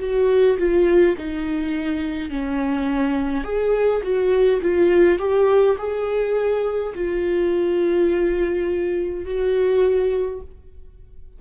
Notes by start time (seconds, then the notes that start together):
0.00 F#4
0.58 F4
1.18 D#4
2.30 C#4
3.44 G#4
4.03 F#4
4.62 F4
5.19 G4
5.78 G#4
6.95 F4
9.26 F#4